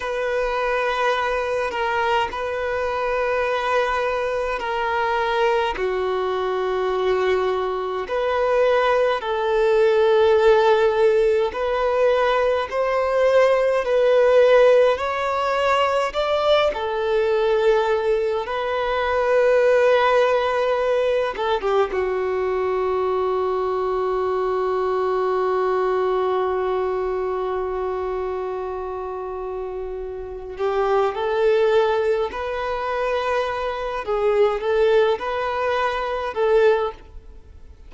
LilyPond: \new Staff \with { instrumentName = "violin" } { \time 4/4 \tempo 4 = 52 b'4. ais'8 b'2 | ais'4 fis'2 b'4 | a'2 b'4 c''4 | b'4 cis''4 d''8 a'4. |
b'2~ b'8 a'16 g'16 fis'4~ | fis'1~ | fis'2~ fis'8 g'8 a'4 | b'4. gis'8 a'8 b'4 a'8 | }